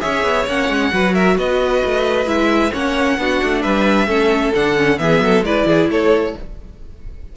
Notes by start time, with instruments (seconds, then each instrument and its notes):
0.00 cello C#4, viola G#4, violin C#5 E5
0.23 cello B3
0.47 cello A#3, viola C#4, violin F#5
0.69 cello G#3
0.91 cello F#3, viola F#4, violin B4
1.13 violin A#4 E5
1.37 cello B3, violin B4 D#5
1.85 cello A3
2.26 cello G#3, viola E4, violin E5
2.72 cello A#3, viola C#4, violin C#5 F#5
3.18 cello B3, viola D4, violin F#4
3.43 cello A3
3.62 cello G3, violin B4 E5
4.07 cello A3, viola C#4, violin A4
4.55 cello D3, viola D4, violin F#5
4.75 viola C#4
4.98 cello E3, viola B3, violin G#4 E5
5.20 cello F#3, violin A4
5.41 cello G#3, viola E4, violin B4 D5
5.65 cello E3, violin G#4
5.89 cello A3, violin A4 C#5